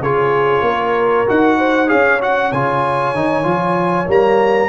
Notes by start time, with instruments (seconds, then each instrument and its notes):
0.00 tuba C#3, trombone F4, horn G#4, trumpet C#5
0.61 tuba A#3, horn A#4
1.27 tuba D#4, trombone F#4, trumpet F#5
1.58 horn C5
1.87 tuba C#4, trombone G#4, horn C#5, trumpet F5
2.21 trombone F#4, trumpet F#5
2.52 tuba C#3, trombone F4, trumpet G#5
3.14 tuba D#3, trombone D#4
3.43 tuba F3, trombone F4
4.08 tuba G3, trombone A#3, trumpet A#5